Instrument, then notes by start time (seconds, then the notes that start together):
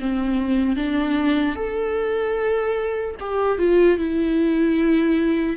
viola
0.00 C4
0.76 D4
1.56 A4
3.20 G4
3.59 F4
3.98 E4